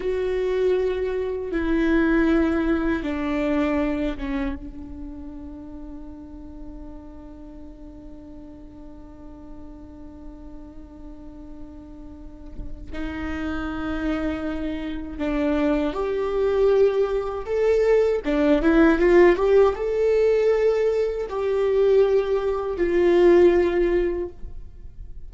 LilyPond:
\new Staff \with { instrumentName = "viola" } { \time 4/4 \tempo 4 = 79 fis'2 e'2 | d'4. cis'8 d'2~ | d'1~ | d'1~ |
d'4 dis'2. | d'4 g'2 a'4 | d'8 e'8 f'8 g'8 a'2 | g'2 f'2 | }